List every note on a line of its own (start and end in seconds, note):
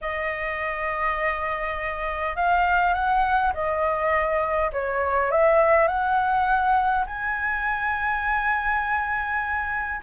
0.01 2.36 D#5
2.36 2.94 F5
2.94 3.52 F#5
3.53 4.71 D#5
4.72 5.31 C#5
5.31 5.87 E5
5.87 7.05 F#5
7.06 10.00 G#5